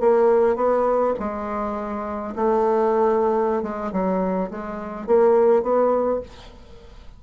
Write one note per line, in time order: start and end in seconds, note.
0.00 0.56 A#3
0.56 1.13 B3
1.19 2.34 G#3
2.35 3.62 A3
3.62 3.91 G#3
3.92 4.50 F#3
4.51 5.06 G#3
5.06 5.62 A#3
5.62 6.20 B3